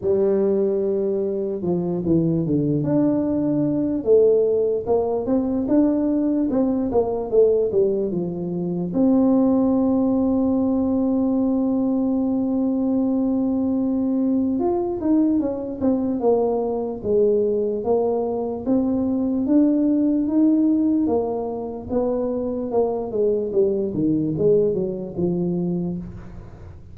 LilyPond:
\new Staff \with { instrumentName = "tuba" } { \time 4/4 \tempo 4 = 74 g2 f8 e8 d8 d'8~ | d'4 a4 ais8 c'8 d'4 | c'8 ais8 a8 g8 f4 c'4~ | c'1~ |
c'2 f'8 dis'8 cis'8 c'8 | ais4 gis4 ais4 c'4 | d'4 dis'4 ais4 b4 | ais8 gis8 g8 dis8 gis8 fis8 f4 | }